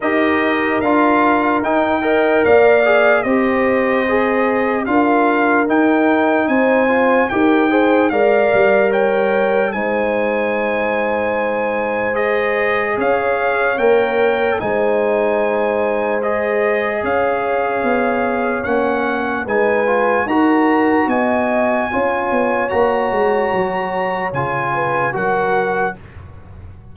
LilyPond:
<<
  \new Staff \with { instrumentName = "trumpet" } { \time 4/4 \tempo 4 = 74 dis''4 f''4 g''4 f''4 | dis''2 f''4 g''4 | gis''4 g''4 f''4 g''4 | gis''2. dis''4 |
f''4 g''4 gis''2 | dis''4 f''2 fis''4 | gis''4 ais''4 gis''2 | ais''2 gis''4 fis''4 | }
  \new Staff \with { instrumentName = "horn" } { \time 4/4 ais'2~ ais'8 dis''8 d''4 | c''2 ais'2 | c''4 ais'8 c''8 d''4 cis''4 | c''1 |
cis''2 c''2~ | c''4 cis''2. | b'4 ais'4 dis''4 cis''4~ | cis''2~ cis''8 b'8 ais'4 | }
  \new Staff \with { instrumentName = "trombone" } { \time 4/4 g'4 f'4 dis'8 ais'4 gis'8 | g'4 gis'4 f'4 dis'4~ | dis'8 f'8 g'8 gis'8 ais'2 | dis'2. gis'4~ |
gis'4 ais'4 dis'2 | gis'2. cis'4 | dis'8 f'8 fis'2 f'4 | fis'2 f'4 fis'4 | }
  \new Staff \with { instrumentName = "tuba" } { \time 4/4 dis'4 d'4 dis'4 ais4 | c'2 d'4 dis'4 | c'4 dis'4 gis8 g4. | gis1 |
cis'4 ais4 gis2~ | gis4 cis'4 b4 ais4 | gis4 dis'4 b4 cis'8 b8 | ais8 gis8 fis4 cis4 fis4 | }
>>